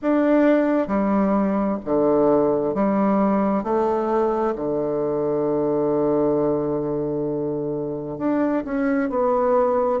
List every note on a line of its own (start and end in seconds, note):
0.02 0.87 D4
0.87 1.78 G3
1.85 2.74 D3
2.74 3.63 G3
3.63 4.54 A3
4.55 8.18 D3
8.18 8.63 D4
8.64 9.09 C#4
9.09 10.00 B3